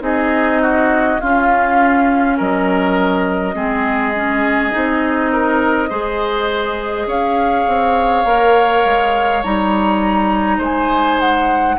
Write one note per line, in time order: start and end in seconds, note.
0.00 1.18 C4
0.00 1.18 D#4
0.00 0.62 G#4
0.00 1.20 D#5
0.62 1.21 F#4
1.20 3.55 C#4
1.20 2.40 C#4
1.20 2.37 F4
1.20 2.38 F5
2.37 3.54 F#3
2.37 3.55 A#4
2.37 7.09 D#5
3.54 4.72 G#3
3.54 4.13 C4
3.54 5.31 G#4
4.15 4.71 C#4
4.71 5.90 C4
4.71 5.88 D#4
5.32 5.89 A#4
5.89 7.06 G#3
5.89 8.25 G#4
5.89 7.07 C5
7.06 7.65 C#4
7.06 10.57 C#5
7.06 9.43 F5
7.67 8.24 C4
8.24 8.83 A#3
8.24 9.43 A#4
8.85 9.43 G#3
9.43 10.59 G3
9.43 11.78 D#4
9.43 10.61 A#5
10.57 11.76 G#3
10.57 11.75 C5
10.57 11.20 G#5
11.20 11.78 F#5